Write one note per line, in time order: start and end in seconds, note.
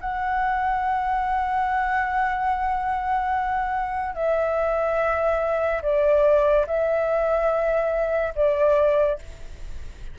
0.00 4.15 F#5
4.15 5.82 E5
5.82 6.66 D5
6.66 8.33 E5
8.35 9.19 D5